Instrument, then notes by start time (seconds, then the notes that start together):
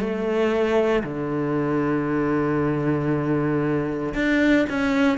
cello
0.00 A3
1.03 D3
4.15 D4
4.69 C#4